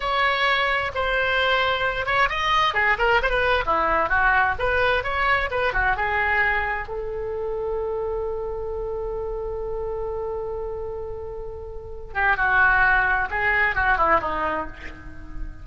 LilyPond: \new Staff \with { instrumentName = "oboe" } { \time 4/4 \tempo 4 = 131 cis''2 c''2~ | c''8 cis''8 dis''4 gis'8 ais'8 c''16 b'8. | e'4 fis'4 b'4 cis''4 | b'8 fis'8 gis'2 a'4~ |
a'1~ | a'1~ | a'2~ a'8 g'8 fis'4~ | fis'4 gis'4 fis'8 e'8 dis'4 | }